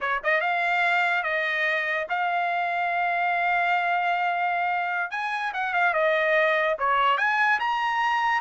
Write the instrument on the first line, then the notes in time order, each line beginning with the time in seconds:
trumpet
0.00 C#5
0.23 D#5
0.41 F5
1.23 D#5
2.09 F5
5.10 G#5
5.53 F#5
5.73 F5
5.93 D#5
6.79 C#5
7.17 G#5
7.59 A#5